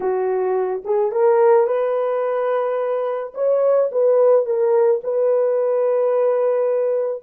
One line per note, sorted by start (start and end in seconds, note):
0.00 0.83 F#4
0.84 1.11 G#4
1.11 1.66 A#4
1.66 3.33 B4
3.34 3.90 C#5
3.91 4.45 B4
4.45 5.01 A#4
5.03 7.22 B4